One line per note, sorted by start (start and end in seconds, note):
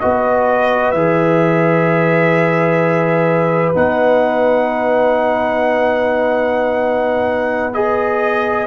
0.00 0.94 B3
0.00 0.95 F#4
0.00 8.67 B4
0.00 0.92 D#5
0.92 3.75 E3
0.92 3.75 G#4
0.92 3.73 E5
3.75 8.67 B3
3.75 7.73 D#4
3.75 7.74 F#5
7.74 8.67 G#4
7.74 8.67 D#5